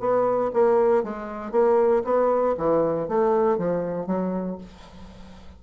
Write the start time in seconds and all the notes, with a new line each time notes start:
0.00 B3
0.54 A#3
1.03 G#3
1.52 A#3
2.04 B3
2.58 E3
3.08 A3
3.58 F3
4.07 F#3